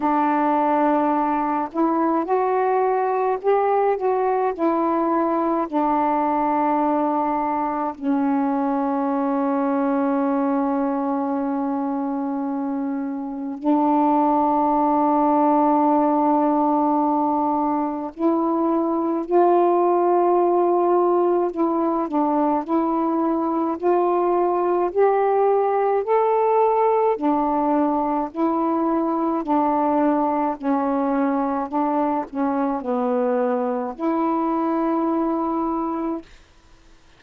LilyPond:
\new Staff \with { instrumentName = "saxophone" } { \time 4/4 \tempo 4 = 53 d'4. e'8 fis'4 g'8 fis'8 | e'4 d'2 cis'4~ | cis'1 | d'1 |
e'4 f'2 e'8 d'8 | e'4 f'4 g'4 a'4 | d'4 e'4 d'4 cis'4 | d'8 cis'8 b4 e'2 | }